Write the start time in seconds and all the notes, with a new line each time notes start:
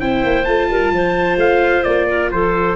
0.00 C4 E4 C5 G5
0.24 A#3
0.45 A3 F4 A5
0.70 G3 A#4
0.92 F3 C5
1.37 A3 F5
1.84 A#3 D5
2.09 A#4
2.32 F3 A4 C5